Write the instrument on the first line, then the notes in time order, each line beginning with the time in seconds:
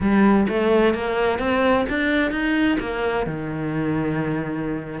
cello
0.00 G3
0.48 A3
0.94 A#3
1.38 C4
1.89 D4
2.31 D#4
2.79 A#3
3.26 D#3